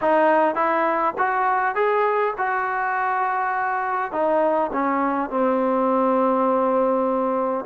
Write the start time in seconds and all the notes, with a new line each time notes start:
0.01 D#4
0.55 E4
1.18 F#4
1.75 G#4
2.37 F#4
4.11 D#4
4.72 C#4
5.29 C4